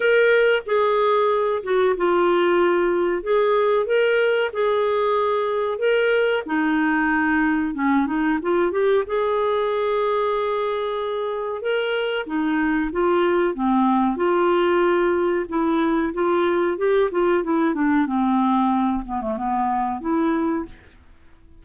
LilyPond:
\new Staff \with { instrumentName = "clarinet" } { \time 4/4 \tempo 4 = 93 ais'4 gis'4. fis'8 f'4~ | f'4 gis'4 ais'4 gis'4~ | gis'4 ais'4 dis'2 | cis'8 dis'8 f'8 g'8 gis'2~ |
gis'2 ais'4 dis'4 | f'4 c'4 f'2 | e'4 f'4 g'8 f'8 e'8 d'8 | c'4. b16 a16 b4 e'4 | }